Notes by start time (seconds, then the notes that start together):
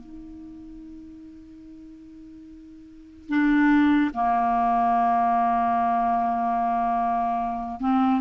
0.00 D#4
3.29 D4
4.14 A#3
7.80 C4